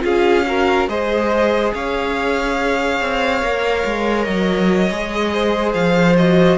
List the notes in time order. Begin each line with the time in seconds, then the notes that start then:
0.00 C#4 F4 G#4 F5
0.46 F#4 A#4
0.88 G#3 G#4 C5 D#5
1.73 C#4 C#5 F5
3.01 C4
3.41 A#3 A#4
3.85 G#3
4.24 F#3 D#5
4.90 G#3 G#4
5.33 C5
5.74 F3 F5
6.17 F#4 D#5